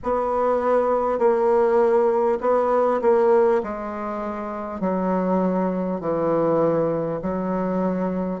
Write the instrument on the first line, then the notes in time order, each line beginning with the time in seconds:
bassoon
0.03 B3
1.18 A#3
2.40 B3
3.01 A#3
3.63 G#3
4.80 F#3
6.00 E3
7.22 F#3